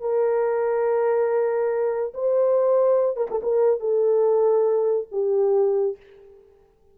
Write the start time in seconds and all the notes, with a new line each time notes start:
0.00 A#4
2.14 C5
3.16 A#4
3.30 A4
3.42 A#4
3.79 A4
5.11 G4